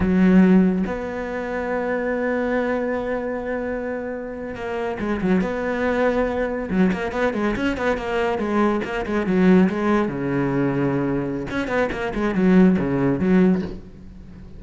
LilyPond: \new Staff \with { instrumentName = "cello" } { \time 4/4 \tempo 4 = 141 fis2 b2~ | b1~ | b2~ b8. ais4 gis16~ | gis16 fis8 b2. fis16~ |
fis16 ais8 b8 gis8 cis'8 b8 ais4 gis16~ | gis8. ais8 gis8 fis4 gis4 cis16~ | cis2. cis'8 b8 | ais8 gis8 fis4 cis4 fis4 | }